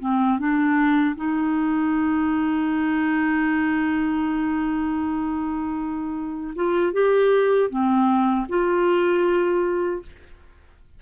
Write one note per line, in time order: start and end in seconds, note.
0.00 0.38 C4
0.38 1.15 D4
1.16 6.55 D#4
6.56 6.93 F4
6.93 7.70 G4
7.70 8.47 C4
8.49 10.02 F4